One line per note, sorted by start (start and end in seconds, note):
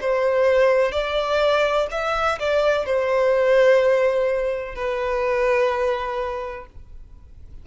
0.00 0.91 C5
0.91 1.87 D5
1.90 2.38 E5
2.39 2.86 D5
2.86 4.75 C5
4.75 6.65 B4